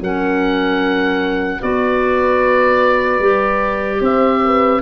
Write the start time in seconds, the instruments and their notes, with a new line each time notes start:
0.00 tuba F#3, clarinet C#4, horn A#4, oboe F#5
1.59 tuba B3, clarinet F#4, horn B4, oboe D5
3.19 tuba G3, clarinet G4
4.00 tuba C4, horn C5, oboe E5
4.44 horn B4